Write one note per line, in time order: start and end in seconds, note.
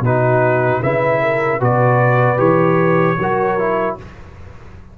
0.00 0.79 B2
0.00 0.82 D#4
0.00 0.82 F#4
0.00 0.82 B4
0.82 1.61 C#3
0.82 1.60 E4
0.82 1.21 B4
0.82 1.61 E5
1.21 1.59 A#4
1.59 2.38 B2
1.59 2.37 F#4
1.59 3.17 B4
1.59 2.39 D5
2.37 3.17 E3
2.37 3.16 G4
2.37 3.97 C#5
3.17 3.96 F#3
3.17 3.58 F#4
3.17 3.97 A#4
3.58 3.98 E4